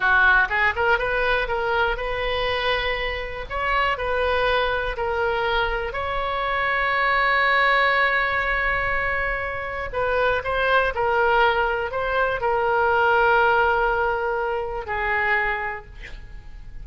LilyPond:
\new Staff \with { instrumentName = "oboe" } { \time 4/4 \tempo 4 = 121 fis'4 gis'8 ais'8 b'4 ais'4 | b'2. cis''4 | b'2 ais'2 | cis''1~ |
cis''1 | b'4 c''4 ais'2 | c''4 ais'2.~ | ais'2 gis'2 | }